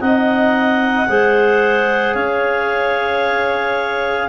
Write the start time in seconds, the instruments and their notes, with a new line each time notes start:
0.00 tuba C4, trombone D#4, clarinet D#5 F#5
1.08 tuba G#3, trombone G#4, clarinet C5
2.14 tuba C#4, clarinet C#5 F5